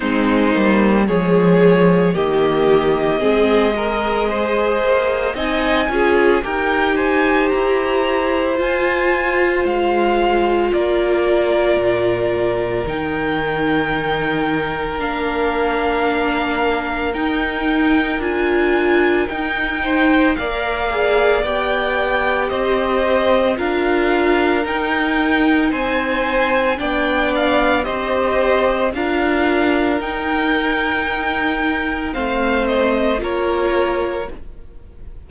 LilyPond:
<<
  \new Staff \with { instrumentName = "violin" } { \time 4/4 \tempo 4 = 56 c''4 cis''4 dis''2~ | dis''4 gis''4 g''8 gis''8 ais''4 | gis''4 f''4 d''2 | g''2 f''2 |
g''4 gis''4 g''4 f''4 | g''4 dis''4 f''4 g''4 | gis''4 g''8 f''8 dis''4 f''4 | g''2 f''8 dis''8 cis''4 | }
  \new Staff \with { instrumentName = "violin" } { \time 4/4 dis'4 gis'4 g'4 gis'8 ais'8 | c''4 dis''8 gis'8 ais'8 c''4.~ | c''2 ais'2~ | ais'1~ |
ais'2~ ais'8 c''8 d''4~ | d''4 c''4 ais'2 | c''4 d''4 c''4 ais'4~ | ais'2 c''4 ais'4 | }
  \new Staff \with { instrumentName = "viola" } { \time 4/4 c'8 ais8 gis4 ais4 c'8 gis'8~ | gis'4 dis'8 f'8 g'2 | f'1 | dis'2 d'2 |
dis'4 f'4 dis'4 ais'8 gis'8 | g'2 f'4 dis'4~ | dis'4 d'4 g'4 f'4 | dis'2 c'4 f'4 | }
  \new Staff \with { instrumentName = "cello" } { \time 4/4 gis8 g8 f4 dis4 gis4~ | gis8 ais8 c'8 cis'8 dis'4 e'4 | f'4 gis4 ais4 ais,4 | dis2 ais2 |
dis'4 d'4 dis'4 ais4 | b4 c'4 d'4 dis'4 | c'4 b4 c'4 d'4 | dis'2 a4 ais4 | }
>>